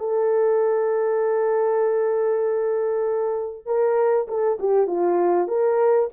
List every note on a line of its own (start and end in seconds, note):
0.00 3.66 A4
3.66 4.27 A#4
4.28 4.59 A4
4.59 4.87 G4
4.87 5.48 F4
5.48 6.09 A#4